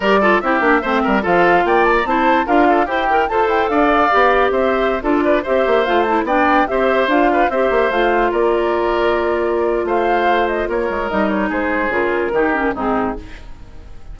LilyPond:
<<
  \new Staff \with { instrumentName = "flute" } { \time 4/4 \tempo 4 = 146 d''4 e''2 f''4 | g''8 a''16 ais''16 a''4 f''4 g''4 | a''8 g''8 f''2 e''4~ | e''16 d''4 e''4 f''8 a''8 g''8.~ |
g''16 e''4 f''4 e''4 f''8.~ | f''16 d''2.~ d''8. | f''4. dis''8 cis''4 dis''8 cis''8 | c''4 ais'2 gis'4 | }
  \new Staff \with { instrumentName = "oboe" } { \time 4/4 ais'8 a'8 g'4 c''8 ais'8 a'4 | d''4 c''4 ais'8 a'8 g'4 | c''4 d''2 c''4~ | c''16 a'8 b'8 c''2 d''8.~ |
d''16 c''4. b'8 c''4.~ c''16~ | c''16 ais'2.~ ais'8. | c''2 ais'2 | gis'2 g'4 dis'4 | }
  \new Staff \with { instrumentName = "clarinet" } { \time 4/4 g'8 f'8 e'8 d'8 c'4 f'4~ | f'4 e'4 f'4 c''8 ais'8 | a'2 g'2~ | g'16 f'4 g'4 f'8 e'8 d'8.~ |
d'16 g'4 f'4 g'4 f'8.~ | f'1~ | f'2. dis'4~ | dis'4 f'4 dis'8 cis'8 c'4 | }
  \new Staff \with { instrumentName = "bassoon" } { \time 4/4 g4 c'8 ais8 a8 g8 f4 | ais4 c'4 d'4 e'4 | f'8 e'8 d'4 b4 c'4~ | c'16 d'4 c'8 ais8 a4 b8.~ |
b16 c'4 d'4 c'8 ais8 a8.~ | a16 ais2.~ ais8. | a2 ais8 gis8 g4 | gis4 cis4 dis4 gis,4 | }
>>